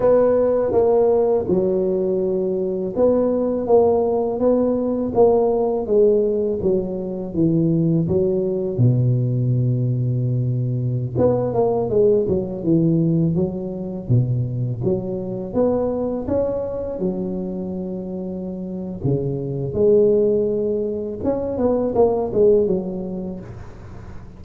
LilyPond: \new Staff \with { instrumentName = "tuba" } { \time 4/4 \tempo 4 = 82 b4 ais4 fis2 | b4 ais4 b4 ais4 | gis4 fis4 e4 fis4 | b,2.~ b,16 b8 ais16~ |
ais16 gis8 fis8 e4 fis4 b,8.~ | b,16 fis4 b4 cis'4 fis8.~ | fis2 cis4 gis4~ | gis4 cis'8 b8 ais8 gis8 fis4 | }